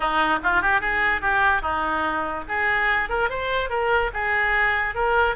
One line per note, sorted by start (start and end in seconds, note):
0.00 0.39 D#4
0.43 0.61 F4
0.61 0.81 G4
0.81 1.21 G#4
1.21 1.62 G4
1.62 2.44 D#4
2.48 3.09 G#4
3.09 3.29 A#4
3.29 3.69 C5
3.69 4.10 A#4
4.13 4.94 G#4
4.94 5.35 A#4